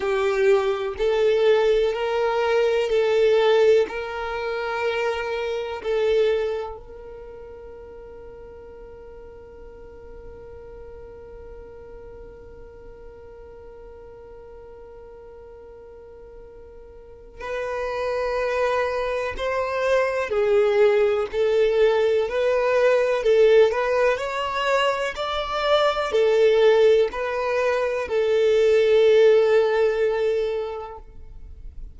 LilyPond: \new Staff \with { instrumentName = "violin" } { \time 4/4 \tempo 4 = 62 g'4 a'4 ais'4 a'4 | ais'2 a'4 ais'4~ | ais'1~ | ais'1~ |
ais'2 b'2 | c''4 gis'4 a'4 b'4 | a'8 b'8 cis''4 d''4 a'4 | b'4 a'2. | }